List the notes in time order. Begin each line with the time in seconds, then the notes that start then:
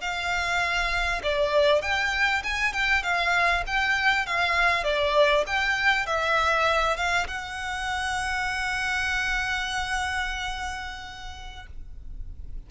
0.00 F5
1.23 D5
1.82 G5
2.43 G#5
2.72 G5
3.03 F5
3.66 G5
4.26 F5
4.83 D5
5.46 G5
6.06 E5
6.96 F5
7.27 F#5